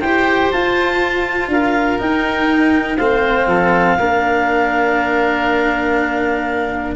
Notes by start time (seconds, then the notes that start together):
0.00 E4 G4 C5 G5
0.51 F4 A5
1.48 D4 A#4 F5
1.99 D#4 G5
2.97 A3 C4 C5 F5
3.47 F3 A4
3.98 A#3 D4 A#4